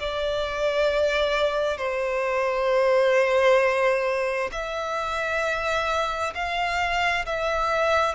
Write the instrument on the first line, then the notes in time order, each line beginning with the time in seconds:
violin
0.00 D5
1.78 C5
4.52 E5
6.35 F5
7.26 E5